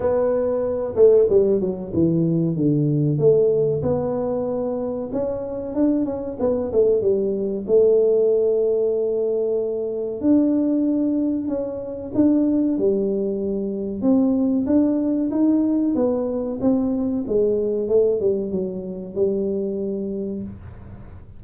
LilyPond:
\new Staff \with { instrumentName = "tuba" } { \time 4/4 \tempo 4 = 94 b4. a8 g8 fis8 e4 | d4 a4 b2 | cis'4 d'8 cis'8 b8 a8 g4 | a1 |
d'2 cis'4 d'4 | g2 c'4 d'4 | dis'4 b4 c'4 gis4 | a8 g8 fis4 g2 | }